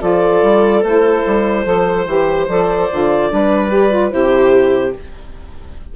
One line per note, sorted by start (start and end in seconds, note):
0.00 0.43 F3
0.00 0.82 F4
0.00 1.66 A4
0.00 0.84 D5
0.43 0.83 G3
0.83 1.24 A3
0.83 1.65 E4
0.83 2.48 C5
1.27 1.66 G3
1.65 2.07 F3
1.65 2.06 A4
1.65 3.31 C5
2.07 2.48 E3
2.07 2.48 G4
2.49 2.90 F3
2.49 2.90 A4
2.49 4.11 D5
2.92 3.32 D3
2.92 3.31 F4
3.31 4.13 G3
3.31 3.71 D4
3.31 4.14 B4
3.71 3.91 G4
3.91 4.11 F4
4.11 4.95 C3
4.11 4.93 E4
4.11 4.96 G4
4.11 4.93 C5